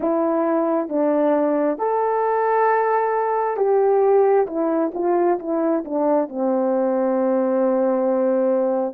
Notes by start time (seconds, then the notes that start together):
0.00 E4
0.88 D4
1.78 A4
3.56 G4
4.47 E4
4.93 F4
5.39 E4
5.84 D4
6.28 C4